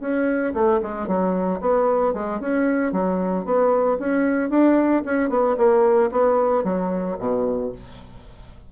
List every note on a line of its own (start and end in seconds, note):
0.00 0.53 C#4
0.54 0.80 A3
0.82 1.07 G#3
1.07 1.60 F#3
1.60 2.13 B3
2.13 2.40 G#3
2.40 2.92 C#4
2.92 3.45 F#3
3.45 3.98 B3
3.99 4.50 C#4
4.50 5.03 D4
5.05 5.29 C#4
5.29 5.56 B3
5.57 6.10 A#3
6.11 6.64 B3
6.64 7.17 F#3
7.19 7.72 B2